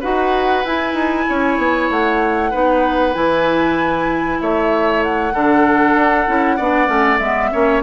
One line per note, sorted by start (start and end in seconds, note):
0.00 0.64 D#4
0.00 0.64 F#4
0.00 1.25 B4
0.00 0.65 F#5
0.64 0.94 E4
0.64 2.52 E4
0.64 1.90 G#5
0.94 1.25 D#4
1.29 1.58 C#4
1.29 2.50 C#5
1.58 1.89 B3
1.90 2.52 A3
1.90 3.14 F#5
2.50 3.15 B3
2.50 3.13 D#4
2.50 4.38 B4
3.13 4.40 E3
3.13 5.32 E4
3.13 4.39 G#5
4.40 5.33 A3
4.40 5.33 C#5
4.40 5.03 E5
5.03 7.18 F#5
5.33 5.95 D3
5.33 6.27 D4
5.33 6.57 A4
5.95 6.26 D4
6.27 6.59 C#4
6.27 6.58 E4
6.57 6.88 B3
6.57 6.86 D4
6.57 7.50 D5
6.86 7.19 A3
6.86 7.18 C#4
7.18 7.51 G#3
7.18 7.52 B3
7.18 7.81 E5
7.52 7.83 A#3
7.52 7.83 C#4
7.52 7.83 C#5